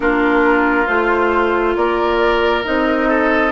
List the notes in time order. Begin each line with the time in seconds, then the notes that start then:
0.00 A#3 D4 F4 A#4
0.87 A3 F4 C5
1.76 A#3 A#4 D5
2.64 C4 D#4 D#5
3.08 A4